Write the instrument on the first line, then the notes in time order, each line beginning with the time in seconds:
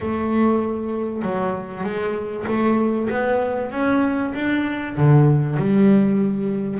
double bass
0.00 A3
1.22 F#3
1.83 G#3
2.46 A3
3.10 B3
3.71 C#4
4.34 D4
4.97 D3
5.56 G3